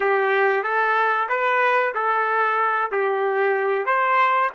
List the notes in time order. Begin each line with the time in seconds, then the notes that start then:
0.00 G4
0.63 A4
1.28 B4
1.94 A4
2.91 G4
3.85 C5